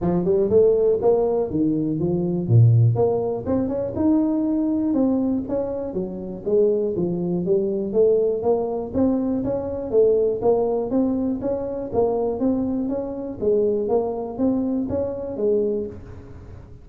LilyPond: \new Staff \with { instrumentName = "tuba" } { \time 4/4 \tempo 4 = 121 f8 g8 a4 ais4 dis4 | f4 ais,4 ais4 c'8 cis'8 | dis'2 c'4 cis'4 | fis4 gis4 f4 g4 |
a4 ais4 c'4 cis'4 | a4 ais4 c'4 cis'4 | ais4 c'4 cis'4 gis4 | ais4 c'4 cis'4 gis4 | }